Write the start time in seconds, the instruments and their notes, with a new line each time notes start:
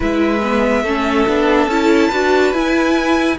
0.00 cello G#3, viola E4, violin B4 E5
0.42 viola B3
0.82 cello A3, viola C#4, violin A4
1.27 cello B3, viola D4
1.67 cello C#4, viola E4, violin A5
2.08 cello D4, viola F#4, violin B4
2.52 cello E4, viola E4, violin G#5